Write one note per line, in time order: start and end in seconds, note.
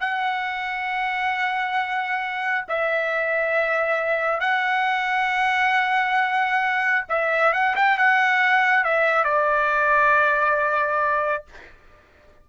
0.00 2.65 F#5
2.68 4.40 E5
4.40 7.05 F#5
7.09 7.53 E5
7.53 7.75 F#5
7.76 7.97 G5
7.97 8.84 F#5
8.84 9.24 E5
9.24 11.44 D5